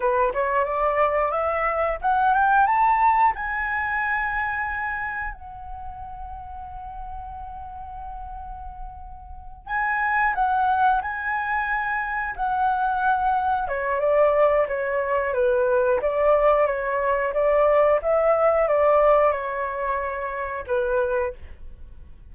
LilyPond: \new Staff \with { instrumentName = "flute" } { \time 4/4 \tempo 4 = 90 b'8 cis''8 d''4 e''4 fis''8 g''8 | a''4 gis''2. | fis''1~ | fis''2~ fis''8 gis''4 fis''8~ |
fis''8 gis''2 fis''4.~ | fis''8 cis''8 d''4 cis''4 b'4 | d''4 cis''4 d''4 e''4 | d''4 cis''2 b'4 | }